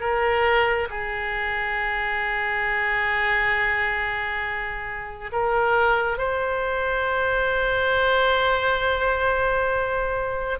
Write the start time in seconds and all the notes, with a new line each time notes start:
0.00 A#4
0.89 G#4
5.32 A#4
6.18 C5